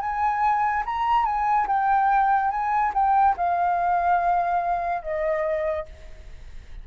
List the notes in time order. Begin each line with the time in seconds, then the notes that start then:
0.00 G#5
0.85 A#5
1.25 G#5
1.67 G5
2.50 G#5
2.94 G5
3.37 F5
5.02 D#5